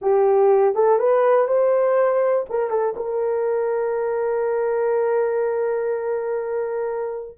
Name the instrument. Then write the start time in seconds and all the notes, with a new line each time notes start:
horn
0.01 G4
0.74 A4
0.98 B4
1.47 C5
2.49 A#4
2.70 A4
2.96 A#4